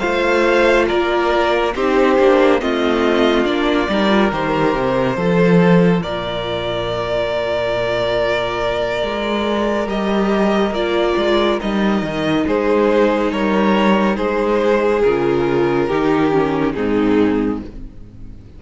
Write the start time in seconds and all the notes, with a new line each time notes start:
0.00 A3 F4 C5 F5
0.88 A#3 A#4 D5
1.75 C4 D#4 G4 C5
2.19 A#3 D4
2.60 A3 C4 F4 D#5
3.45 A#3 D4 D5
3.89 G3 D#4 A#4
4.10 F4
4.32 D#3 G4 C5
4.75 C3
5.17 F3 F4 A4
6.02 A#2 A#4 D5
9.03 G#3
9.87 G3 G4 D#5
10.71 A#3 F4 D5
11.17 G#3
11.61 G3 D#4 D#5
12.02 D#3
12.47 G#3 G#4 C5
13.32 G3 A#4 C#5
14.16 G#3 G#4 C5
15.03 C#3 F4 A#4
15.87 D#3 D#4 G4
16.32 C#4
16.73 G#2 C4 D#4 G#4